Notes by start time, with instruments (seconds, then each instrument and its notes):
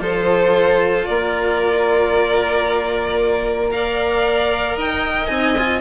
0.00 bassoon F3, cello F4, violin A4 C5
1.06 bassoon A#3, violin A#4 D5
3.71 cello A#4, violin D5 F5
4.77 bassoon D#4, violin D#5 G5
5.27 bassoon C4, cello D#4, violin G#5
5.58 cello F4